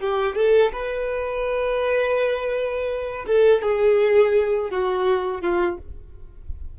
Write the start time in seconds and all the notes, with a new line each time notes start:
0.00 G4
0.36 A4
0.73 B4
3.27 A4
3.62 G#4
4.71 F#4
5.42 F4